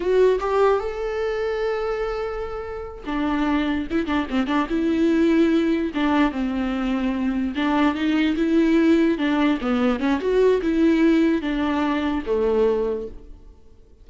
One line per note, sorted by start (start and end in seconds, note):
0.00 0.39 F#4
0.40 0.79 G4
0.79 3.04 A4
3.06 3.87 D4
3.90 4.06 E4
4.06 4.27 D4
4.30 4.47 C4
4.47 4.67 D4
4.69 5.91 E4
5.94 6.31 D4
6.31 7.54 C4
7.55 7.94 D4
7.94 8.35 D#4
8.36 9.18 E4
9.18 9.59 D4
9.61 9.99 B3
9.99 10.19 C#4
10.20 10.61 F#4
10.61 11.41 E4
11.41 12.23 D4
12.26 13.07 A3